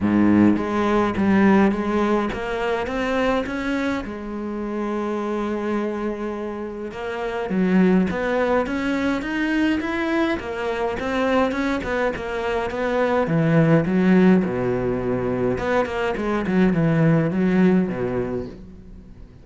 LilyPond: \new Staff \with { instrumentName = "cello" } { \time 4/4 \tempo 4 = 104 gis,4 gis4 g4 gis4 | ais4 c'4 cis'4 gis4~ | gis1 | ais4 fis4 b4 cis'4 |
dis'4 e'4 ais4 c'4 | cis'8 b8 ais4 b4 e4 | fis4 b,2 b8 ais8 | gis8 fis8 e4 fis4 b,4 | }